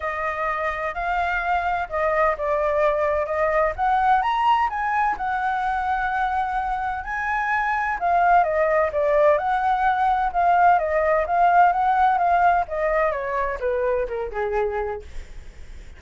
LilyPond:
\new Staff \with { instrumentName = "flute" } { \time 4/4 \tempo 4 = 128 dis''2 f''2 | dis''4 d''2 dis''4 | fis''4 ais''4 gis''4 fis''4~ | fis''2. gis''4~ |
gis''4 f''4 dis''4 d''4 | fis''2 f''4 dis''4 | f''4 fis''4 f''4 dis''4 | cis''4 b'4 ais'8 gis'4. | }